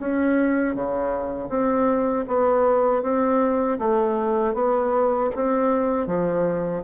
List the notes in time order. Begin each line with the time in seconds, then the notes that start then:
0.00 C#4
0.75 C#3
1.50 C4
2.28 B3
3.03 C4
3.79 A3
4.54 B3
5.35 C4
6.07 F3